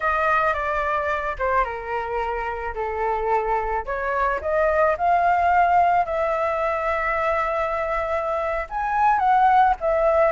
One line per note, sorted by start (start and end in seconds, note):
0.00 0.53 D#5
0.53 1.36 D5
1.38 1.64 C5
1.64 2.74 A#4
2.74 3.85 A4
3.85 4.40 C#5
4.41 4.96 D#5
4.97 6.06 F5
6.06 8.67 E5
8.69 9.19 G#5
9.19 9.74 F#5
9.80 10.32 E5